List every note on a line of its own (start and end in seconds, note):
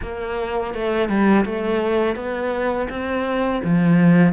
0.02 0.74 A#3
0.74 1.08 A3
1.08 1.45 G3
1.45 2.15 A3
2.15 2.88 B3
2.89 3.61 C4
3.64 4.32 F3